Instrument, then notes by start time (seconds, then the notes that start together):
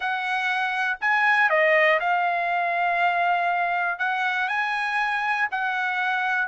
trumpet
0.00 F#5
1.00 G#5
1.49 D#5
2.00 F5
3.98 F#5
4.48 G#5
5.51 F#5